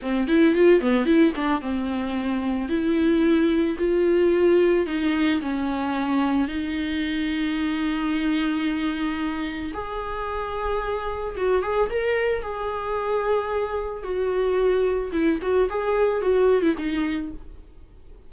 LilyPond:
\new Staff \with { instrumentName = "viola" } { \time 4/4 \tempo 4 = 111 c'8 e'8 f'8 b8 e'8 d'8 c'4~ | c'4 e'2 f'4~ | f'4 dis'4 cis'2 | dis'1~ |
dis'2 gis'2~ | gis'4 fis'8 gis'8 ais'4 gis'4~ | gis'2 fis'2 | e'8 fis'8 gis'4 fis'8. e'16 dis'4 | }